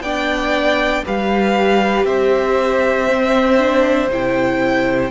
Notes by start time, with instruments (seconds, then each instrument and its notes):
0.00 cello B3, viola D4, violin D5 G5
1.05 cello G3, viola G4, violin B4 F5
2.05 cello C4, violin C5 E5
3.08 viola C4
3.58 viola D4
4.08 cello C3, viola E4, violin G5